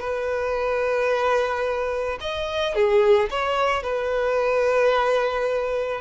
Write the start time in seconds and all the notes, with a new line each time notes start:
0.00 B4
2.20 D#5
2.75 G#4
3.30 C#5
3.83 B4